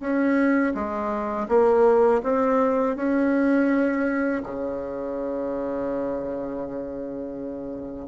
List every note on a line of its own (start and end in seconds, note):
0.00 0.73 C#4
0.74 1.47 G#3
1.48 2.21 A#3
2.23 2.96 C4
2.96 4.42 C#4
4.43 8.08 C#3